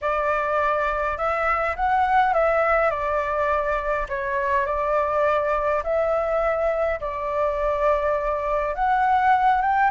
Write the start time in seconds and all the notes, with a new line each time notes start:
0.01 D5
1.17 E5
1.76 F#5
2.33 E5
2.90 D5
4.08 C#5
4.66 D5
5.83 E5
7.00 D5
8.74 F#5
9.61 G5